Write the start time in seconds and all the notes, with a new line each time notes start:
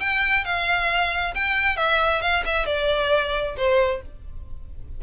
0.00 G5
0.45 F5
1.35 G5
1.77 E5
2.22 F5
2.46 E5
2.66 D5
3.57 C5